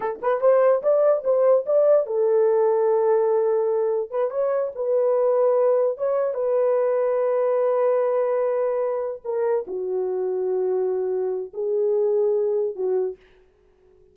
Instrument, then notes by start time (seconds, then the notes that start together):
horn
0.00 A4
0.22 B4
0.40 C5
0.82 D5
1.23 C5
1.66 D5
2.06 A4
4.10 B4
4.30 C#5
4.75 B4
5.97 C#5
6.34 B4
9.24 A#4
9.67 F#4
11.53 G#4
12.75 F#4